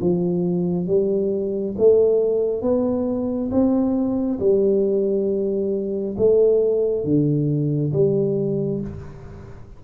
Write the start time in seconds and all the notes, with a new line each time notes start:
0.00 F3
0.87 G3
1.78 A3
2.62 B3
3.51 C4
4.39 G3
6.17 A3
7.04 D3
7.93 G3